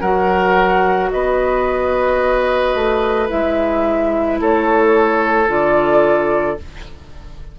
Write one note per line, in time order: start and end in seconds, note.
0.00 1.10 F#3
0.00 3.28 F#4
0.00 1.09 A#4
0.00 1.10 F#5
1.10 2.74 B3
1.10 4.40 B4
1.10 3.29 D#5
2.74 3.29 A3
3.28 4.40 G#3
3.28 5.46 E4
3.28 4.39 E5
4.40 5.47 A3
4.40 6.58 A4
4.40 5.49 C#5
5.47 6.56 D3
5.47 6.56 F4
5.47 6.58 D5